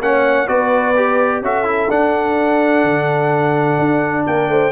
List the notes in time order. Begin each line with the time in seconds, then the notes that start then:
0.00 A#3 C#4 C#5 F#5
0.47 B3 F#4 B4 D5
0.96 G4
1.41 C#4 F#4 A4 E5
1.64 E4
1.90 D4 F#5
2.83 D3
3.78 D4
4.26 A#3 A#4 G5
4.48 A3 C5